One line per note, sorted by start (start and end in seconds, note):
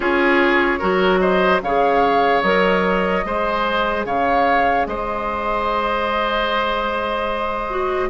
0.00 0.80 C#4
0.00 0.80 F4
0.00 0.79 G#4
0.00 1.18 C#5
0.79 1.62 F#3
0.79 1.61 F#4
0.79 1.19 A#4
1.19 1.61 C5
1.19 1.60 D#5
1.62 2.43 C#3
1.62 2.43 G#4
1.62 3.26 C#5
1.62 2.42 F5
2.42 3.24 F#3
2.42 3.24 A#4
2.42 4.04 D#5
3.24 4.05 G#3
3.24 7.69 G#4
3.24 4.06 C5
4.05 4.85 C#3
4.05 4.87 C#5
4.05 4.86 F5
4.85 8.09 G#3
4.85 8.09 C5
4.85 8.09 D#5
7.69 8.09 F#4